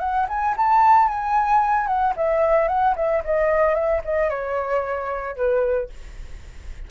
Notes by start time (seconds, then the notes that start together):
0.00 F#5
0.29 G#5
0.57 A5
1.08 G#5
1.87 F#5
2.17 E5
2.68 F#5
2.96 E5
3.25 D#5
3.75 E5
4.05 D#5
4.30 C#5
5.36 B4